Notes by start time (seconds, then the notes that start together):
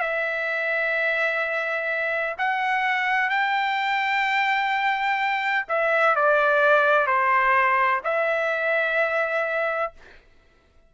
0.00 E5
2.39 F#5
3.30 G5
5.69 E5
6.16 D5
7.07 C5
8.04 E5